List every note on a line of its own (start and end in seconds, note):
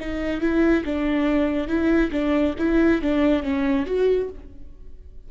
0.00 0.41 D#4
0.41 0.84 E4
0.84 1.67 D4
1.67 2.11 E4
2.12 2.55 D4
2.58 3.01 E4
3.02 3.43 D4
3.43 3.86 C#4
3.86 4.29 F#4